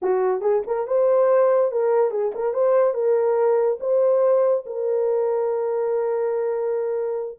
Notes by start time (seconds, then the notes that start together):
0.02 F#4
0.41 G#4
0.66 A#4
0.87 C5
1.71 A#4
2.10 G#4
2.34 A#4
2.53 C5
2.94 A#4
3.80 C5
4.66 A#4